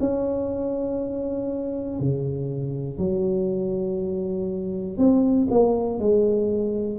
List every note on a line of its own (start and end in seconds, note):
0.00 1.99 C#4
1.99 2.98 C#3
2.98 4.97 F#3
4.97 5.47 C4
5.50 5.99 A#3
5.99 6.99 G#3